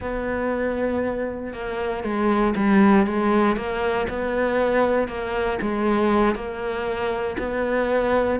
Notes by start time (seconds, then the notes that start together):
0.00 B3
1.53 A#3
2.03 G#3
2.56 G3
3.06 G#3
3.56 A#3
4.09 B3
5.08 A#3
5.61 G#3
6.35 A#3
7.38 B3